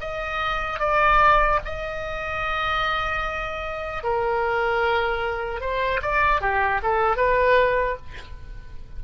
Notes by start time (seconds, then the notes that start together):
0.00 D#5
0.79 D5
1.65 D#5
4.03 A#4
5.61 C5
6.02 D5
6.41 G4
6.83 A4
7.17 B4